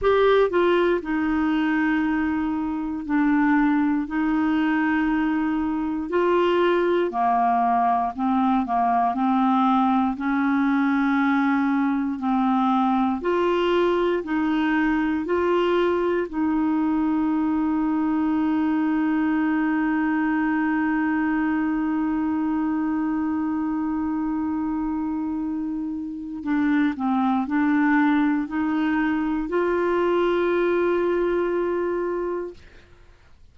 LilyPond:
\new Staff \with { instrumentName = "clarinet" } { \time 4/4 \tempo 4 = 59 g'8 f'8 dis'2 d'4 | dis'2 f'4 ais4 | c'8 ais8 c'4 cis'2 | c'4 f'4 dis'4 f'4 |
dis'1~ | dis'1~ | dis'2 d'8 c'8 d'4 | dis'4 f'2. | }